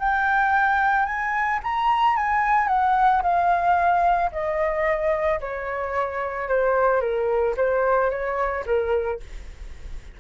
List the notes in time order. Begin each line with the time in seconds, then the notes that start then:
0.00 G5
1.06 G#5
1.64 A#5
2.17 G#5
2.68 F#5
3.23 F5
4.32 D#5
5.41 C#5
6.49 C5
7.01 A#4
7.57 C5
8.11 C#5
8.67 A#4